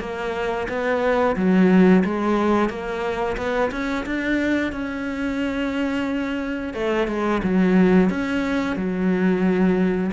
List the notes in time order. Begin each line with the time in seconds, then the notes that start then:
0.00 A#3
0.68 B3
1.36 F#3
2.05 G#3
2.69 A#3
3.37 B3
3.71 C#4
4.06 D4
4.72 C#4
6.74 A3
7.08 G#3
7.43 F#3
8.10 C#4
8.76 F#3